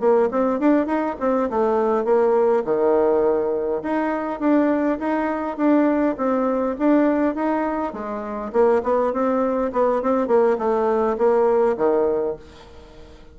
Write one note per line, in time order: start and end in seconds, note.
0.00 0.29 A#3
0.32 0.60 C4
0.60 0.86 D4
0.86 1.16 D#4
1.20 1.50 C4
1.50 2.05 A3
2.05 2.64 A#3
2.65 3.82 D#3
3.83 4.40 D#4
4.40 4.99 D4
4.99 5.57 D#4
5.57 6.16 D4
6.18 6.76 C4
6.79 7.35 D4
7.35 7.93 D#4
7.93 8.52 G#3
8.53 8.82 A#3
8.84 9.13 B3
9.13 9.72 C4
9.73 10.02 B3
10.02 10.28 C4
10.28 10.57 A#3
10.58 11.17 A3
11.18 11.77 A#3
11.78 12.36 D#3